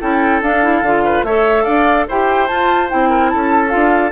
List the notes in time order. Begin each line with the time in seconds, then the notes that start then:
0.00 C#4 E4 A4 G5
0.41 D4 F5
0.62 E4
0.81 D3 F4
1.04 B4
1.23 A3 A4 C#5 E5
1.63 D4 D5 F5
2.08 E4 G4 C5 G5
2.47 F4 A5
2.88 C4 E4 G5
3.09 A#4
3.29 C#4 A4 A5
3.68 D4 F4 F5